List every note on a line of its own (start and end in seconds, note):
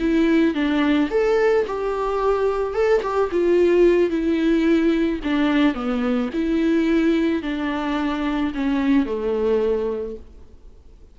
0.00 0.55 E4
0.55 1.10 D4
1.11 1.66 A4
1.67 2.75 G4
2.75 3.02 A4
3.03 3.31 G4
3.32 4.11 F4
4.11 5.21 E4
5.24 5.75 D4
5.75 6.30 B3
6.34 7.43 E4
7.43 8.53 D4
8.55 9.06 C#4
9.06 10.16 A3